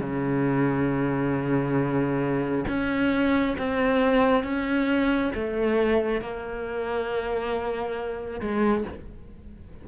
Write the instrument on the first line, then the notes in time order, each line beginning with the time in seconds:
cello
0.00 C#3
2.68 C#4
3.58 C4
4.44 C#4
5.35 A3
6.21 A#3
8.40 G#3